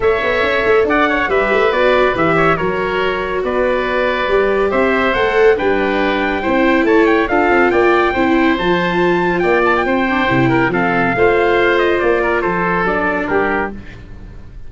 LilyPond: <<
  \new Staff \with { instrumentName = "trumpet" } { \time 4/4 \tempo 4 = 140 e''2 fis''4 e''4 | d''4 e''4 cis''2 | d''2. e''4 | fis''4 g''2. |
a''8 g''8 f''4 g''2 | a''2 g''8 a''16 g''4~ g''16~ | g''4 f''2~ f''8 dis''8 | d''4 c''4 d''4 ais'4 | }
  \new Staff \with { instrumentName = "oboe" } { \time 4/4 cis''2 d''8 cis''8 b'4~ | b'4. cis''8 ais'2 | b'2. c''4~ | c''4 b'2 c''4 |
cis''4 a'4 d''4 c''4~ | c''2 d''4 c''4~ | c''8 ais'8 a'4 c''2~ | c''8 ais'8 a'2 g'4 | }
  \new Staff \with { instrumentName = "viola" } { \time 4/4 a'2. g'4 | fis'4 g'4 fis'2~ | fis'2 g'2 | a'4 d'2 e'4~ |
e'4 f'2 e'4 | f'2.~ f'8 d'8 | e'4 c'4 f'2~ | f'2 d'2 | }
  \new Staff \with { instrumentName = "tuba" } { \time 4/4 a8 b8 cis'8 a8 d'4 g8 a8 | b4 e4 fis2 | b2 g4 c'4 | a4 g2 c'4 |
a4 d'8 c'8 ais4 c'4 | f2 ais4 c'4 | c4 f4 a2 | ais4 f4 fis4 g4 | }
>>